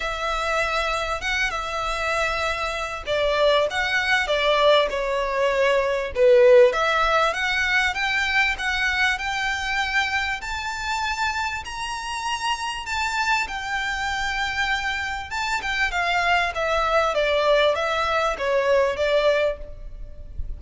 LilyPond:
\new Staff \with { instrumentName = "violin" } { \time 4/4 \tempo 4 = 98 e''2 fis''8 e''4.~ | e''4 d''4 fis''4 d''4 | cis''2 b'4 e''4 | fis''4 g''4 fis''4 g''4~ |
g''4 a''2 ais''4~ | ais''4 a''4 g''2~ | g''4 a''8 g''8 f''4 e''4 | d''4 e''4 cis''4 d''4 | }